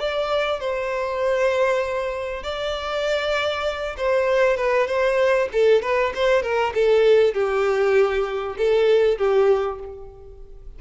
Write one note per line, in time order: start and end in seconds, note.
0.00 0.60 D5
0.60 2.44 C5
2.44 3.97 D5
3.97 4.57 C5
4.57 4.88 B4
4.88 5.49 C5
5.53 5.82 A4
5.82 6.13 B4
6.15 6.43 C5
6.43 6.73 A#4
6.75 7.34 A4
7.34 8.57 G4
8.58 9.18 A4
9.18 9.79 G4